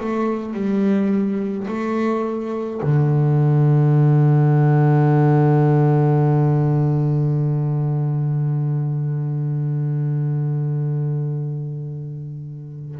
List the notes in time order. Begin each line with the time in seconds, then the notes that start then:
0.00 A3
0.53 G3
1.67 A3
2.83 D3